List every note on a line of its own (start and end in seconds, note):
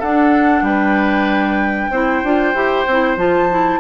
0.00 0.62 D4
0.00 1.94 D4
0.00 0.63 A4
0.00 0.65 F#5
0.62 1.89 G3
0.62 1.91 B4
0.62 3.18 G5
1.91 2.23 C4
1.91 2.25 E4
1.91 3.81 C5
2.24 2.55 D4
2.24 2.55 F4
2.55 2.86 E4
2.55 2.87 G4
2.87 3.17 C4
2.87 3.18 E4
3.17 3.80 F3
3.17 3.50 F4
3.17 3.81 A5
3.50 3.81 E4